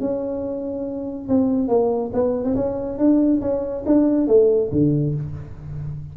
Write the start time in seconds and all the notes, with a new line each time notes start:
0.00 C#4
1.28 C4
1.68 A#3
2.13 B3
2.44 C4
2.55 C#4
2.98 D4
3.41 C#4
3.86 D4
4.27 A3
4.72 D3